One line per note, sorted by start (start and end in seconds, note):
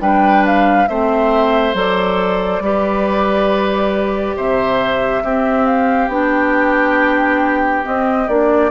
0.00 0.87 G3
0.00 0.87 D4
0.00 0.88 B4
0.00 0.45 G5
0.46 0.88 F5
0.88 1.74 A3
0.88 1.74 C4
0.88 2.63 C5
0.88 1.75 E5
1.74 2.60 F#3
1.74 2.61 A4
1.74 4.37 D5
2.60 4.34 G3
2.60 5.24 G4
2.60 4.36 B4
4.36 5.23 C3
4.36 5.23 C5
4.36 5.66 E5
5.23 6.08 C4
5.23 6.10 C4
5.23 8.71 G4
5.66 6.09 F5
6.08 7.82 B3
6.08 7.83 D4
6.08 7.86 G5
7.83 8.27 C4
7.83 8.28 C4
7.83 8.28 D#5
8.28 8.71 A#3
8.28 8.71 D4
8.28 8.71 D5